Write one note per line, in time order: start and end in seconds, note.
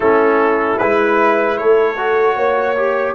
0.00 0.79 A3
0.00 0.80 C#4
0.00 1.57 E4
0.00 0.78 A4
0.78 1.58 G#3
0.78 1.97 E4
0.78 1.57 B4
1.57 2.36 A3
1.57 2.36 A4
1.57 3.15 C#5
1.97 2.75 F#4
2.36 3.15 A#3
2.36 3.15 C#5
2.76 3.15 G4